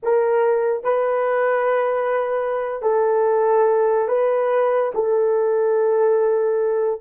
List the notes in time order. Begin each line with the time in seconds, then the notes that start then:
0.02 A#4
0.83 B4
2.82 A4
4.08 B4
4.94 A4